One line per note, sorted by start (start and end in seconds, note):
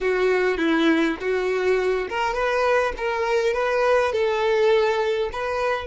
0.01 0.57 F#4
0.57 1.16 E4
1.20 2.08 F#4
2.09 2.34 A#4
2.34 2.93 B4
2.97 3.53 A#4
3.53 4.12 B4
4.12 5.30 A4
5.32 5.87 B4